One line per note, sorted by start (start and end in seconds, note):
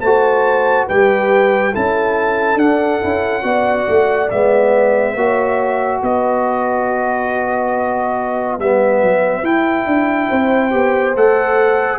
0.00 0.87 A3
0.00 0.90 F#4
0.00 0.87 C5
0.00 0.86 A5
0.87 1.75 G3
0.87 1.73 G4
0.87 1.71 B4
0.87 1.74 G5
1.71 2.55 C#4
1.71 2.58 E4
1.71 3.43 A4
1.71 2.59 A5
2.55 2.98 D4
2.55 3.01 D4
2.55 4.30 F#5
3.01 3.43 C#4
3.01 3.42 E4
3.42 3.86 B3
3.42 4.28 F#4
3.42 5.16 D5
3.88 4.31 A3
4.30 5.15 G#3
4.30 5.17 B3
4.30 6.02 E5
5.15 6.01 A#3
5.15 8.60 F#4
5.15 6.00 C#5
6.00 8.59 B3
6.00 10.29 B4
6.00 8.60 D#5
8.59 9.01 G3
8.59 9.43 B3
8.59 9.45 E5
9.01 9.42 F#3
9.42 9.85 E4
9.42 10.71 E4
9.42 11.16 G5
9.86 10.29 D4
10.29 10.73 C4
10.29 11.99 C5
10.71 11.16 B3
10.71 11.14 G4
11.16 11.99 A3
11.16 11.99 A4
11.16 11.99 F#5